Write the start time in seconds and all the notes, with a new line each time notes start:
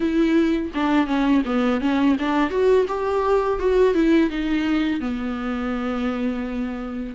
0.00 E4
0.74 D4
1.06 C#4
1.45 B3
1.80 C#4
2.19 D4
2.50 F#4
2.87 G4
3.59 F#4
3.94 E4
4.30 D#4
5.00 B3